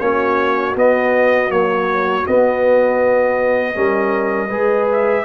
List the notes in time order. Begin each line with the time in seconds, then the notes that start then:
0.00 A#3 C#4 F#4 C#5
0.76 B3 D#5
1.50 F#3 A#3 C#5
2.25 B3 D#5
3.75 G3 C#4 A#4
4.49 G#3 G#4 B4
4.92 E5